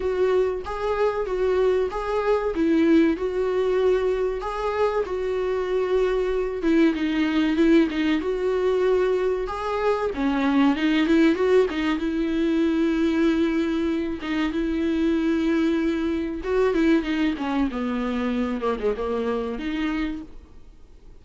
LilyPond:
\new Staff \with { instrumentName = "viola" } { \time 4/4 \tempo 4 = 95 fis'4 gis'4 fis'4 gis'4 | e'4 fis'2 gis'4 | fis'2~ fis'8 e'8 dis'4 | e'8 dis'8 fis'2 gis'4 |
cis'4 dis'8 e'8 fis'8 dis'8 e'4~ | e'2~ e'8 dis'8 e'4~ | e'2 fis'8 e'8 dis'8 cis'8 | b4. ais16 gis16 ais4 dis'4 | }